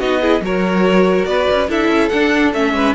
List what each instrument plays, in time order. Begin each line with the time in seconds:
0.00 cello B3, viola D#4, violin F#4 D#5
0.21 viola E4, violin G#4
0.41 cello F#3, viola F#4, violin A#4 C#5
1.25 cello B3, violin B4 D5
1.51 cello C#4
1.69 cello D4, viola E4, violin A4 E5
1.89 cello C#4
2.09 cello D4, viola D4, violin F#5
2.54 cello A3, viola C#4, violin E5
2.74 cello G#3, violin B4